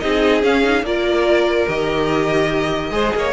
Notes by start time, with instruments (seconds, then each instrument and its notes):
0.00 cello C4, viola D#4, violin G#4 D#5
0.43 viola C#4, cello C#4, violin F5
0.63 viola D#4
0.83 cello A#3, viola F4, violin A#4 D5
1.68 cello D#3, viola G4, violin D#5
2.91 cello G#3, viola G#4, violin C5
3.16 cello A#3, violin C#5